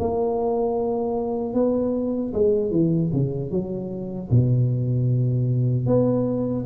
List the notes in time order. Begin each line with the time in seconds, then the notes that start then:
0.00 A#3
1.54 B3
2.34 G#3
2.71 E3
3.13 C#3
3.51 F#3
4.31 B2
5.86 B3